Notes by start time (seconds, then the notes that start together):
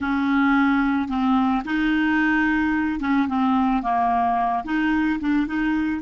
0.00 C#4
1.08 C4
1.65 D#4
3.00 C#4
3.28 C4
3.82 A#3
4.64 D#4
5.20 D4
5.47 D#4